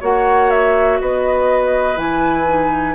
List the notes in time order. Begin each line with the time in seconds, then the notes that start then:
0.00 A#3 F#4 C#5 F#5
0.51 E5
1.01 B3 B4 D#5
1.96 E3 E4 G#5
2.46 D#4